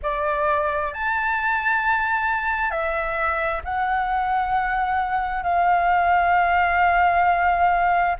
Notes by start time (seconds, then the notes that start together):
0.02 D5
0.93 A5
2.70 E5
3.64 F#5
5.43 F5